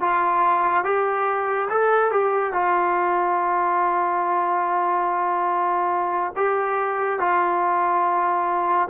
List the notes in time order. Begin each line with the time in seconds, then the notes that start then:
0.00 F4
0.84 G4
1.70 A4
2.11 G4
2.53 F4
6.36 G4
7.19 F4